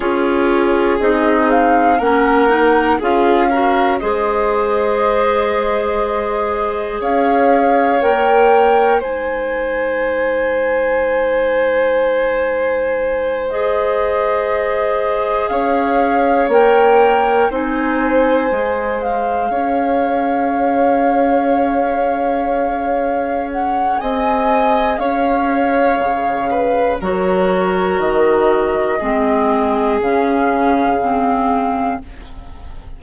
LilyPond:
<<
  \new Staff \with { instrumentName = "flute" } { \time 4/4 \tempo 4 = 60 cis''4 dis''8 f''8 fis''4 f''4 | dis''2. f''4 | g''4 gis''2.~ | gis''4. dis''2 f''8~ |
f''8 g''4 gis''4. f''4~ | f''2.~ f''8 fis''8 | gis''4 f''2 cis''4 | dis''2 f''2 | }
  \new Staff \with { instrumentName = "violin" } { \time 4/4 gis'2 ais'4 gis'8 ais'8 | c''2. cis''4~ | cis''4 c''2.~ | c''2.~ c''8 cis''8~ |
cis''4. c''2 cis''8~ | cis''1 | dis''4 cis''4. b'8 ais'4~ | ais'4 gis'2. | }
  \new Staff \with { instrumentName = "clarinet" } { \time 4/4 f'4 dis'4 cis'8 dis'8 f'8 fis'8 | gis'1 | ais'4 dis'2.~ | dis'4. gis'2~ gis'8~ |
gis'8 ais'4 dis'4 gis'4.~ | gis'1~ | gis'2. fis'4~ | fis'4 c'4 cis'4 c'4 | }
  \new Staff \with { instrumentName = "bassoon" } { \time 4/4 cis'4 c'4 ais4 cis'4 | gis2. cis'4 | ais4 gis2.~ | gis2.~ gis8 cis'8~ |
cis'8 ais4 c'4 gis4 cis'8~ | cis'1 | c'4 cis'4 cis4 fis4 | dis4 gis4 cis2 | }
>>